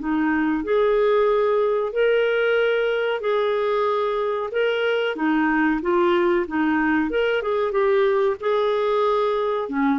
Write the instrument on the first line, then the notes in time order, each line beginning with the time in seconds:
clarinet
0.00 D#4
0.65 G#4
1.93 A#4
3.21 G#4
4.52 A#4
5.16 D#4
5.82 F4
6.48 D#4
7.11 A#4
7.43 G#4
7.72 G4
8.41 G#4
9.69 C#4